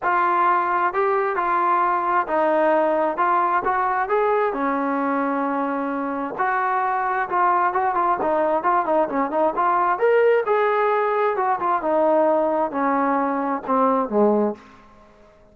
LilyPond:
\new Staff \with { instrumentName = "trombone" } { \time 4/4 \tempo 4 = 132 f'2 g'4 f'4~ | f'4 dis'2 f'4 | fis'4 gis'4 cis'2~ | cis'2 fis'2 |
f'4 fis'8 f'8 dis'4 f'8 dis'8 | cis'8 dis'8 f'4 ais'4 gis'4~ | gis'4 fis'8 f'8 dis'2 | cis'2 c'4 gis4 | }